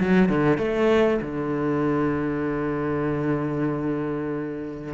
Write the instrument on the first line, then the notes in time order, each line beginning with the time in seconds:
cello
0.00 F#3
0.29 D3
0.58 A3
1.22 D3